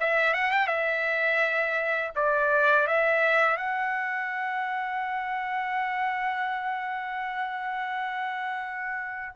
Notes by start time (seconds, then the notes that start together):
0.00 E5
0.34 F#5
0.51 G5
0.67 E5
2.16 D5
2.87 E5
3.57 F#5